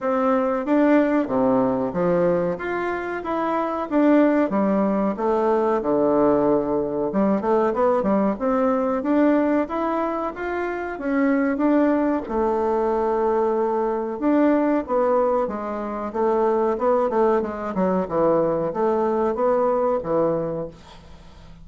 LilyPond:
\new Staff \with { instrumentName = "bassoon" } { \time 4/4 \tempo 4 = 93 c'4 d'4 c4 f4 | f'4 e'4 d'4 g4 | a4 d2 g8 a8 | b8 g8 c'4 d'4 e'4 |
f'4 cis'4 d'4 a4~ | a2 d'4 b4 | gis4 a4 b8 a8 gis8 fis8 | e4 a4 b4 e4 | }